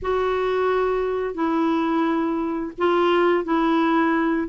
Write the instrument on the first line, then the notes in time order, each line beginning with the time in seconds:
clarinet
0.02 F#4
1.34 E4
2.78 F4
3.44 E4